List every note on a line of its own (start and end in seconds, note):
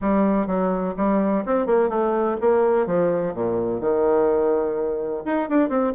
0.01 0.46 G3
0.46 0.94 F#3
0.97 1.44 G3
1.45 1.66 C4
1.66 1.89 A#3
1.89 2.36 A3
2.40 2.86 A#3
2.86 3.33 F3
3.33 3.80 A#2
3.80 5.23 D#3
5.25 5.49 D#4
5.49 5.69 D4
5.69 5.93 C4